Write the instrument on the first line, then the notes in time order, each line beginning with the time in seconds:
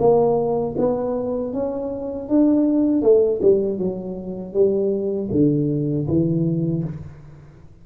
tuba
0.00 A#3
0.78 B3
1.54 C#4
2.29 D4
3.02 A3
3.42 G3
3.79 F#3
4.54 G3
5.32 D3
6.08 E3